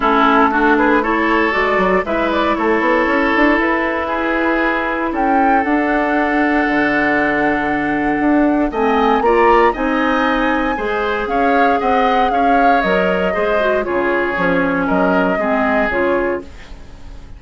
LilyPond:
<<
  \new Staff \with { instrumentName = "flute" } { \time 4/4 \tempo 4 = 117 a'4. b'8 cis''4 d''4 | e''8 d''8 cis''2 b'4~ | b'2 g''4 fis''4~ | fis''1~ |
fis''4 gis''4 ais''4 gis''4~ | gis''2 f''4 fis''4 | f''4 dis''2 cis''4~ | cis''4 dis''2 cis''4 | }
  \new Staff \with { instrumentName = "oboe" } { \time 4/4 e'4 fis'8 gis'8 a'2 | b'4 a'2. | gis'2 a'2~ | a'1~ |
a'4 dis''4 d''4 dis''4~ | dis''4 c''4 cis''4 dis''4 | cis''2 c''4 gis'4~ | gis'4 ais'4 gis'2 | }
  \new Staff \with { instrumentName = "clarinet" } { \time 4/4 cis'4 d'4 e'4 fis'4 | e'1~ | e'2. d'4~ | d'1~ |
d'4 c'4 f'4 dis'4~ | dis'4 gis'2.~ | gis'4 ais'4 gis'8 fis'8 f'4 | cis'2 c'4 f'4 | }
  \new Staff \with { instrumentName = "bassoon" } { \time 4/4 a2. gis8 fis8 | gis4 a8 b8 cis'8 d'8 e'4~ | e'2 cis'4 d'4~ | d'4 d2. |
d'4 a4 ais4 c'4~ | c'4 gis4 cis'4 c'4 | cis'4 fis4 gis4 cis4 | f4 fis4 gis4 cis4 | }
>>